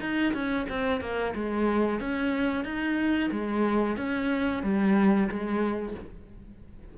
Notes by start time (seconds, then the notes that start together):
0.00 D#4
0.33 C#4
0.69 C4
1.01 A#3
1.34 G#3
2.00 C#4
2.64 D#4
3.31 G#3
3.97 C#4
4.62 G3
5.29 G#3